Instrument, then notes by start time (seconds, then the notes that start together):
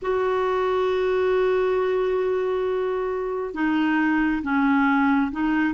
clarinet
0.02 F#4
3.53 D#4
4.42 C#4
5.31 D#4